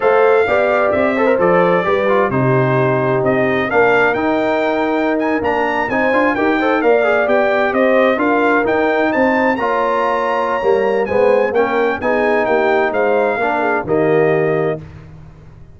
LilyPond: <<
  \new Staff \with { instrumentName = "trumpet" } { \time 4/4 \tempo 4 = 130 f''2 e''4 d''4~ | d''4 c''2 dis''4 | f''4 g''2~ g''16 gis''8 ais''16~ | ais''8. gis''4 g''4 f''4 g''16~ |
g''8. dis''4 f''4 g''4 a''16~ | a''8. ais''2.~ ais''16 | gis''4 g''4 gis''4 g''4 | f''2 dis''2 | }
  \new Staff \with { instrumentName = "horn" } { \time 4/4 c''4 d''4. c''4. | b'4 g'2. | ais'1~ | ais'8. c''4 ais'8 c''8 d''4~ d''16~ |
d''8. c''4 ais'2 c''16~ | c''8. cis''2.~ cis''16 | c''4 ais'4 gis'4 g'4 | c''4 ais'8 gis'8 g'2 | }
  \new Staff \with { instrumentName = "trombone" } { \time 4/4 a'4 g'4. a'16 ais'16 a'4 | g'8 f'8 dis'2. | d'4 dis'2~ dis'8. d'16~ | d'8. dis'8 f'8 g'8 a'8 ais'8 gis'8 g'16~ |
g'4.~ g'16 f'4 dis'4~ dis'16~ | dis'8. f'2~ f'16 ais4 | b4 cis'4 dis'2~ | dis'4 d'4 ais2 | }
  \new Staff \with { instrumentName = "tuba" } { \time 4/4 a4 b4 c'4 f4 | g4 c2 c'4 | ais4 dis'2~ dis'8. ais16~ | ais8. c'8 d'8 dis'4 ais4 b16~ |
b8. c'4 d'4 dis'4 c'16~ | c'8. ais2~ ais16 g4 | gis4 ais4 b4 ais4 | gis4 ais4 dis2 | }
>>